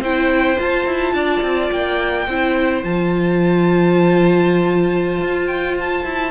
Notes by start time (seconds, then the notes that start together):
0.00 C4 E4 C5 G5
0.57 F4 A5
0.86 E4
1.13 D4 D5
1.42 C4
1.71 A#3 G5
2.27 C4 E4 C5
2.83 F3 F4 A5
5.22 F4
5.46 G5
5.80 A5
6.04 E4